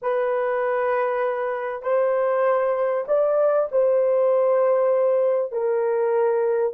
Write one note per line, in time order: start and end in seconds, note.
0.01 1.82 B4
1.82 3.04 C5
3.08 3.69 D5
3.71 5.51 C5
5.51 6.73 A#4